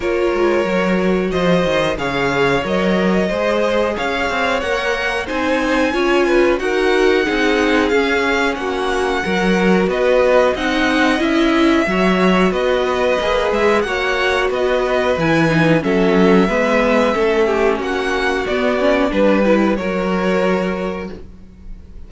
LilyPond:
<<
  \new Staff \with { instrumentName = "violin" } { \time 4/4 \tempo 4 = 91 cis''2 dis''4 f''4 | dis''2 f''4 fis''4 | gis''2 fis''2 | f''4 fis''2 dis''4 |
fis''4 e''2 dis''4~ | dis''8 e''8 fis''4 dis''4 gis''4 | e''2. fis''4 | d''4 b'4 cis''2 | }
  \new Staff \with { instrumentName = "violin" } { \time 4/4 ais'2 c''4 cis''4~ | cis''4 c''4 cis''2 | c''4 cis''8 b'8 ais'4 gis'4~ | gis'4 fis'4 ais'4 b'4 |
dis''2 cis''4 b'4~ | b'4 cis''4 b'2 | a'4 b'4 a'8 g'8 fis'4~ | fis'4 b'4 ais'2 | }
  \new Staff \with { instrumentName = "viola" } { \time 4/4 f'4 fis'2 gis'4 | ais'4 gis'2 ais'4 | dis'4 f'4 fis'4 dis'4 | cis'2 fis'2 |
dis'4 e'4 fis'2 | gis'4 fis'2 e'8 dis'8 | cis'4 b4 cis'2 | b8 cis'8 d'8 e'8 fis'2 | }
  \new Staff \with { instrumentName = "cello" } { \time 4/4 ais8 gis8 fis4 f8 dis8 cis4 | fis4 gis4 cis'8 c'8 ais4 | c'4 cis'4 dis'4 c'4 | cis'4 ais4 fis4 b4 |
c'4 cis'4 fis4 b4 | ais8 gis8 ais4 b4 e4 | fis4 gis4 a4 ais4 | b4 g4 fis2 | }
>>